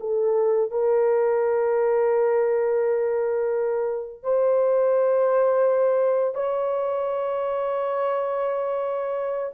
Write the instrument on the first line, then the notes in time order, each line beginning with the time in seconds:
horn
0.00 A4
0.71 A#4
4.23 C5
6.35 C#5